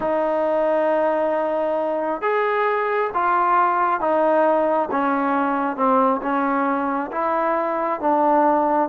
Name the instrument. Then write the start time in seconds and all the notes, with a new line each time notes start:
trombone
0.00 D#4
2.21 G#4
3.14 F4
4.00 D#4
4.91 C#4
5.76 C4
6.22 C#4
7.11 E4
8.00 D4